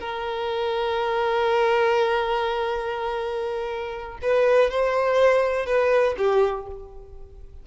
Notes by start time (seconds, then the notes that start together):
0.00 A#4
4.22 B4
4.71 C5
5.66 B4
6.18 G4